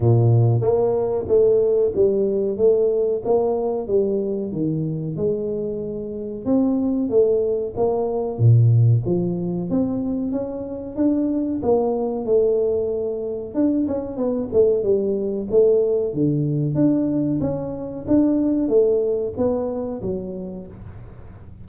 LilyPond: \new Staff \with { instrumentName = "tuba" } { \time 4/4 \tempo 4 = 93 ais,4 ais4 a4 g4 | a4 ais4 g4 dis4 | gis2 c'4 a4 | ais4 ais,4 f4 c'4 |
cis'4 d'4 ais4 a4~ | a4 d'8 cis'8 b8 a8 g4 | a4 d4 d'4 cis'4 | d'4 a4 b4 fis4 | }